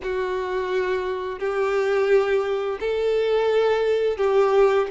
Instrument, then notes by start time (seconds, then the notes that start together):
violin
0.03 F#4
1.39 G4
2.80 A4
4.17 G4